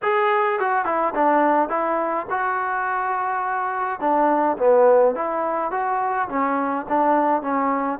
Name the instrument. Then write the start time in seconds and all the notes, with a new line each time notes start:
trombone
0.02 G#4
0.59 F#4
0.85 E4
1.14 D4
1.69 E4
2.30 F#4
4.00 D4
4.58 B3
5.15 E4
5.71 F#4
6.29 C#4
6.88 D4
7.42 C#4